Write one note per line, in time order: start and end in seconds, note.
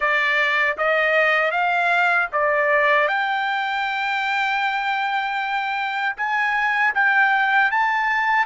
0.00 0.77 D5
0.77 1.51 D#5
1.51 2.28 F5
2.32 3.08 D5
3.08 6.15 G5
6.16 6.93 G#5
6.94 7.71 G5
7.71 8.45 A5